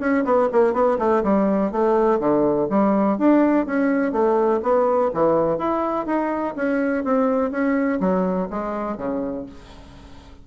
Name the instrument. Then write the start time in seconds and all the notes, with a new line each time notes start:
bassoon
0.00 C#4
0.25 B3
0.52 A#3
0.74 B3
0.99 A3
1.24 G3
1.72 A3
2.20 D3
2.70 G3
3.18 D4
3.66 C#4
4.12 A3
4.63 B3
5.14 E3
5.58 E4
6.06 D#4
6.56 C#4
7.04 C4
7.51 C#4
8.00 F#3
8.51 G#3
8.98 C#3